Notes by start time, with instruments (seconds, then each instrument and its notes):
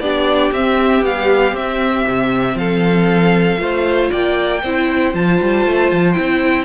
0.00 cello B3, viola D4, violin G4 D5
0.52 cello C4, viola C4, violin E5
1.02 viola G3, cello B3, violin F5
1.53 cello C4, viola C4, violin E5
2.08 cello C3
2.55 cello F3, violin A4 F5
3.58 cello A3, viola F4, violin C5
4.11 cello A#3, violin D5 G5
4.63 cello C4, viola E4, violin C5
5.14 cello F3, viola F4, violin A5
5.41 cello G3
5.66 cello A3
5.92 cello F3
6.13 cello C4, viola E4, violin G5